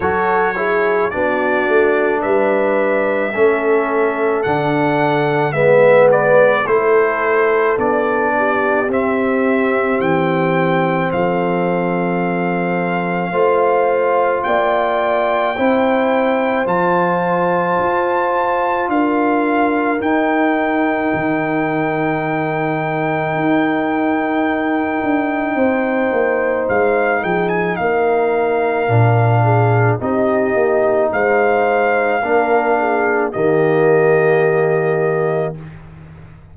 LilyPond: <<
  \new Staff \with { instrumentName = "trumpet" } { \time 4/4 \tempo 4 = 54 cis''4 d''4 e''2 | fis''4 e''8 d''8 c''4 d''4 | e''4 g''4 f''2~ | f''4 g''2 a''4~ |
a''4 f''4 g''2~ | g''1 | f''8 g''16 gis''16 f''2 dis''4 | f''2 dis''2 | }
  \new Staff \with { instrumentName = "horn" } { \time 4/4 a'8 gis'8 fis'4 b'4 a'4~ | a'4 b'4 a'4. g'8~ | g'2 a'2 | c''4 d''4 c''2~ |
c''4 ais'2.~ | ais'2. c''4~ | c''8 gis'8 ais'4. gis'8 g'4 | c''4 ais'8 gis'8 g'2 | }
  \new Staff \with { instrumentName = "trombone" } { \time 4/4 fis'8 e'8 d'2 cis'4 | d'4 b4 e'4 d'4 | c'1 | f'2 e'4 f'4~ |
f'2 dis'2~ | dis'1~ | dis'2 d'4 dis'4~ | dis'4 d'4 ais2 | }
  \new Staff \with { instrumentName = "tuba" } { \time 4/4 fis4 b8 a8 g4 a4 | d4 gis4 a4 b4 | c'4 e4 f2 | a4 ais4 c'4 f4 |
f'4 d'4 dis'4 dis4~ | dis4 dis'4. d'8 c'8 ais8 | gis8 f8 ais4 ais,4 c'8 ais8 | gis4 ais4 dis2 | }
>>